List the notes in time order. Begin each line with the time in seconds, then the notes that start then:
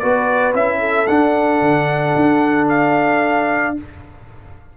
0.00 B3 F#4 B4 D5
0.54 C#4 E4 E5
0.80 A4
1.08 D4 F#5
1.62 D3
2.16 D4
2.69 F5